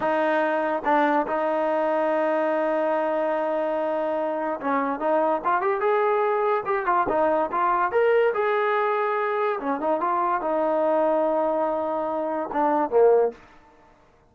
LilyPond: \new Staff \with { instrumentName = "trombone" } { \time 4/4 \tempo 4 = 144 dis'2 d'4 dis'4~ | dis'1~ | dis'2. cis'4 | dis'4 f'8 g'8 gis'2 |
g'8 f'8 dis'4 f'4 ais'4 | gis'2. cis'8 dis'8 | f'4 dis'2.~ | dis'2 d'4 ais4 | }